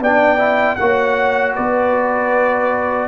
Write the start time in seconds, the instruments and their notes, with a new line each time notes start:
0.00 tuba B3, trombone D4, horn D5, trumpet G5
0.38 trombone E4
0.76 tuba A#3, trombone F#4, horn C#5, trumpet F#5
1.54 tuba B3, horn B4, trumpet D5